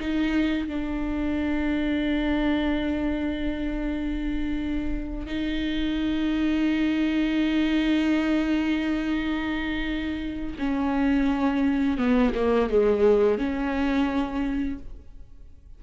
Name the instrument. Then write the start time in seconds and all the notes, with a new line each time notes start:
viola
0.00 D#4
0.68 D4
5.27 D#4
10.59 C#4
11.98 B3
12.35 A#3
12.70 G#3
13.38 C#4